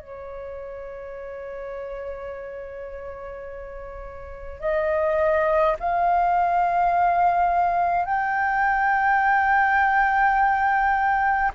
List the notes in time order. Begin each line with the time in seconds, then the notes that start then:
0.00 C#5
4.61 D#5
5.80 F5
8.06 G5